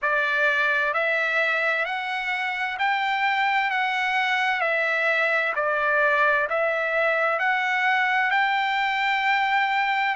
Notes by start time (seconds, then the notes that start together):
0.02 D5
0.93 E5
1.85 F#5
2.79 G5
3.70 F#5
4.60 E5
5.56 D5
6.49 E5
7.39 F#5
8.31 G5